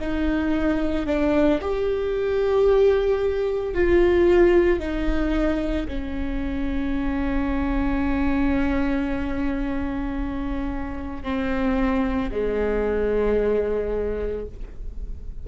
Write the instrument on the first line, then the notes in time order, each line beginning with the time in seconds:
viola
0.00 D#4
1.07 D4
1.62 G4
3.75 F4
4.80 D#4
5.88 C#4
11.24 C4
12.32 G#3